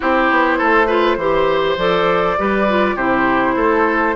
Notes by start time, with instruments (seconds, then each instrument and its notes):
0.00 bassoon C4, clarinet E4, oboe G4, flute C5
0.30 bassoon B3
0.57 bassoon A3, oboe A4
0.86 clarinet F4, oboe B4
1.16 bassoon E3, clarinet G4, oboe C5
1.77 bassoon F3, clarinet A4, flute D5
2.38 bassoon G3, clarinet G4, oboe B4
2.68 clarinet F4
2.95 bassoon C3, clarinet E4, oboe G4, flute C5
3.56 bassoon A3, oboe A4